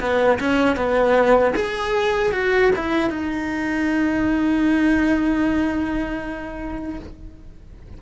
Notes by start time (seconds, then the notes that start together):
0.00 B3
0.40 C#4
0.76 B3
1.56 G#4
2.32 F#4
2.76 E4
3.10 D#4